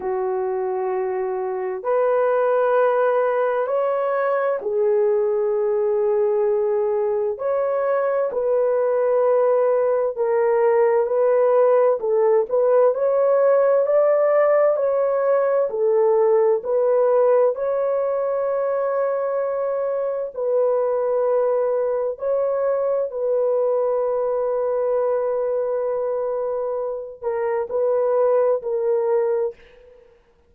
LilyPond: \new Staff \with { instrumentName = "horn" } { \time 4/4 \tempo 4 = 65 fis'2 b'2 | cis''4 gis'2. | cis''4 b'2 ais'4 | b'4 a'8 b'8 cis''4 d''4 |
cis''4 a'4 b'4 cis''4~ | cis''2 b'2 | cis''4 b'2.~ | b'4. ais'8 b'4 ais'4 | }